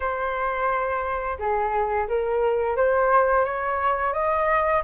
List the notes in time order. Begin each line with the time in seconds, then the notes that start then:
0.00 C5
1.38 G#4
2.08 A#4
2.76 C5
3.45 C#5
4.13 D#5